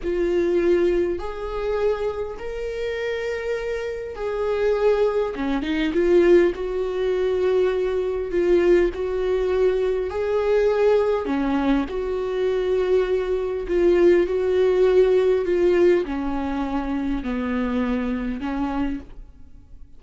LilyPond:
\new Staff \with { instrumentName = "viola" } { \time 4/4 \tempo 4 = 101 f'2 gis'2 | ais'2. gis'4~ | gis'4 cis'8 dis'8 f'4 fis'4~ | fis'2 f'4 fis'4~ |
fis'4 gis'2 cis'4 | fis'2. f'4 | fis'2 f'4 cis'4~ | cis'4 b2 cis'4 | }